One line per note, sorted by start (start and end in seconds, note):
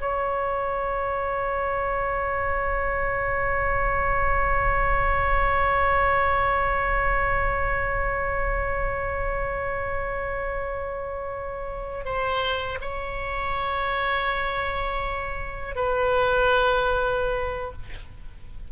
0.00 12.04 C#5
12.04 12.78 C5
12.81 15.75 C#5
15.75 17.72 B4